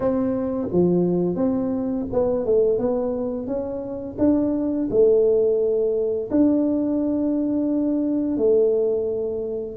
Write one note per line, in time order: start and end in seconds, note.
0.00 0.68 C4
0.72 1.35 F3
1.35 2.05 C4
2.12 2.45 B3
2.45 2.78 A3
2.78 3.46 B3
3.46 4.16 C#4
4.18 4.88 D4
4.90 6.29 A3
6.30 8.37 D4
8.37 9.76 A3